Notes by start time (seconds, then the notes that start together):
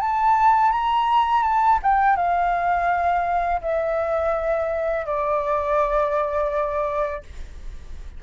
0.00 A5
0.71 A#5
1.42 A5
1.82 G5
2.16 F5
3.61 E5
5.05 D5